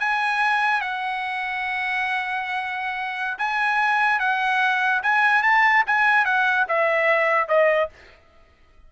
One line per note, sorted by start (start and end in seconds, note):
0.00 0.81 G#5
0.81 3.38 F#5
3.38 4.20 G#5
4.20 5.02 F#5
5.03 5.43 G#5
5.43 5.84 A5
5.87 6.25 G#5
6.25 6.66 F#5
6.69 7.49 E5
7.49 7.90 D#5